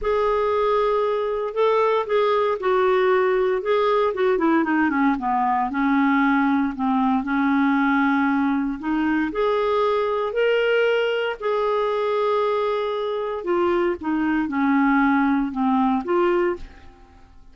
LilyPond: \new Staff \with { instrumentName = "clarinet" } { \time 4/4 \tempo 4 = 116 gis'2. a'4 | gis'4 fis'2 gis'4 | fis'8 e'8 dis'8 cis'8 b4 cis'4~ | cis'4 c'4 cis'2~ |
cis'4 dis'4 gis'2 | ais'2 gis'2~ | gis'2 f'4 dis'4 | cis'2 c'4 f'4 | }